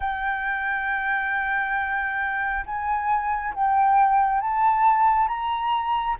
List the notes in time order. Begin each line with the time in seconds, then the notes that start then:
0.00 G5
2.66 G#5
3.54 G5
4.40 A5
5.27 A#5